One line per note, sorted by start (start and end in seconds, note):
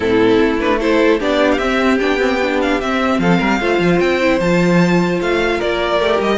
0.00 0.39 A2
0.00 0.58 C4
0.00 0.79 E4
0.00 0.59 A4
0.41 1.20 A3
0.59 0.80 D4
0.59 0.79 B4
0.80 1.19 E4
0.80 1.19 A4
0.80 1.20 C5
1.19 1.59 B3
1.19 1.59 D4
1.19 3.19 G4
1.19 1.52 D5
1.52 1.58 F5
1.58 1.99 C4
1.58 2.00 C4
1.58 1.98 E5
2.00 2.81 B3
2.00 2.18 D4
2.00 2.60 G5
2.18 2.38 C4
2.42 2.81 D4
2.61 2.81 F5
2.81 3.60 C4
2.81 3.19 C4
2.81 3.20 E5
3.19 3.39 F3
3.19 3.38 A4
3.19 3.99 F5
3.38 3.60 G3
3.38 3.58 A#4
3.60 3.78 A3
3.60 4.20 F4
3.60 5.57 C5
3.78 3.98 F3
3.99 4.39 C4
3.99 4.39 G5
4.21 4.40 E4
4.39 5.20 F3
4.39 6.00 F4
4.39 5.19 A5
5.20 5.60 A3
5.20 5.60 F5
5.57 5.99 A#3
5.57 6.37 A#4
5.57 6.20 D5
5.99 6.19 A3
5.99 6.37 G4
6.20 6.37 G3
6.20 6.37 D#5